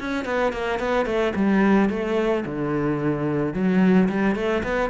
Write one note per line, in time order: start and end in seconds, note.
0.00 0.26 C#4
0.26 0.53 B3
0.53 0.80 A#3
0.80 1.06 B3
1.06 1.33 A3
1.36 1.90 G3
1.90 2.44 A3
2.46 3.54 D3
3.54 4.09 F#3
4.09 4.36 G3
4.36 4.63 A3
4.64 4.90 B3